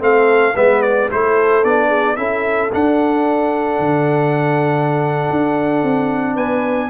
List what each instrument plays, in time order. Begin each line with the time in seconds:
0.00 tuba A3, trombone C4, horn A4, trumpet F5
0.56 tuba G#3, trombone B3, horn B4, trumpet E5
0.82 trumpet D5
1.10 tuba A3, trombone E4, horn A4, trumpet C5
1.64 tuba B3, trombone D4, trumpet D5
1.89 horn G#4
2.16 tuba C#4, trombone E4, horn A4, trumpet E5
2.73 trombone D4, tuba D4, trumpet F#5
3.79 tuba D3
5.30 tuba D4
5.83 tuba C4
6.35 tuba B3, horn B4, trumpet G#5